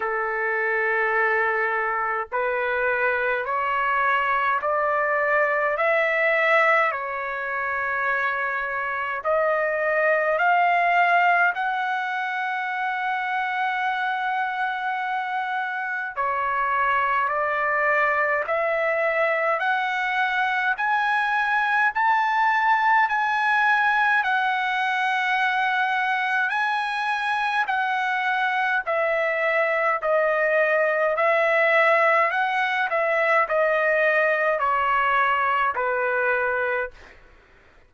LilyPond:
\new Staff \with { instrumentName = "trumpet" } { \time 4/4 \tempo 4 = 52 a'2 b'4 cis''4 | d''4 e''4 cis''2 | dis''4 f''4 fis''2~ | fis''2 cis''4 d''4 |
e''4 fis''4 gis''4 a''4 | gis''4 fis''2 gis''4 | fis''4 e''4 dis''4 e''4 | fis''8 e''8 dis''4 cis''4 b'4 | }